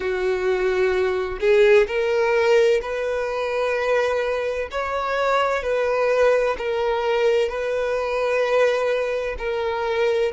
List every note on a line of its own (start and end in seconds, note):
0.00 1.38 F#4
1.40 1.87 G#4
1.87 2.80 A#4
2.81 4.69 B4
4.71 5.62 C#5
5.62 6.56 B4
6.58 7.48 A#4
7.48 9.36 B4
9.38 10.32 A#4